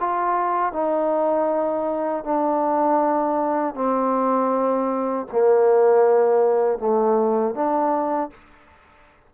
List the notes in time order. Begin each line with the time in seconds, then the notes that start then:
0.00 F4
0.73 D#4
2.24 D4
3.75 C4
5.32 A#3
6.79 A3
7.55 D4